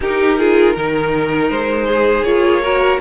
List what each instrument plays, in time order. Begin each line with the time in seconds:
0.00 cello D#4, viola D#4, violin G4 A#4
0.38 viola F4, violin G#4
0.74 cello D#3, viola D#4, violin A#4
1.50 cello G#3, violin C5
1.87 violin G#4
2.22 cello A#3, viola F4, violin C#5
2.62 viola F#4, violin A#4